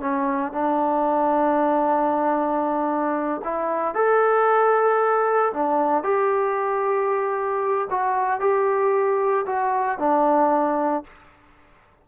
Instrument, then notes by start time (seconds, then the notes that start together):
trombone
0.00 C#4
0.52 D4
3.44 E4
3.94 A4
5.53 D4
6.03 G4
7.90 F#4
8.40 G4
9.46 F#4
9.98 D4